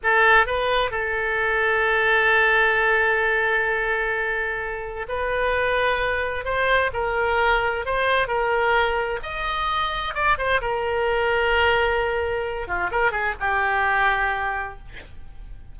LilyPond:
\new Staff \with { instrumentName = "oboe" } { \time 4/4 \tempo 4 = 130 a'4 b'4 a'2~ | a'1~ | a'2. b'4~ | b'2 c''4 ais'4~ |
ais'4 c''4 ais'2 | dis''2 d''8 c''8 ais'4~ | ais'2.~ ais'8 f'8 | ais'8 gis'8 g'2. | }